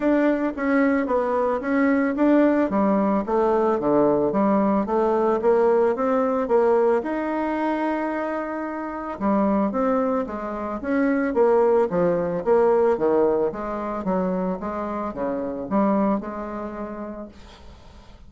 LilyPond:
\new Staff \with { instrumentName = "bassoon" } { \time 4/4 \tempo 4 = 111 d'4 cis'4 b4 cis'4 | d'4 g4 a4 d4 | g4 a4 ais4 c'4 | ais4 dis'2.~ |
dis'4 g4 c'4 gis4 | cis'4 ais4 f4 ais4 | dis4 gis4 fis4 gis4 | cis4 g4 gis2 | }